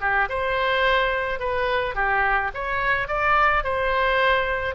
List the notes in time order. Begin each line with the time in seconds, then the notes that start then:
0.00 G4
0.29 C5
1.39 B4
1.94 G4
2.54 C#5
3.07 D5
3.63 C5